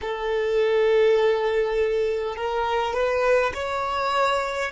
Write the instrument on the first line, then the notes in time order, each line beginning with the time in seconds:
violin
0.01 A4
2.35 A#4
2.94 B4
3.53 C#5